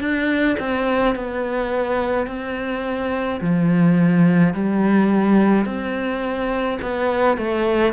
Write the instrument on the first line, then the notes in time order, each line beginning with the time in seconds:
cello
0.00 D4
0.59 C4
1.15 B3
2.26 C4
3.40 F3
4.53 G3
5.65 C4
6.82 B3
7.37 A3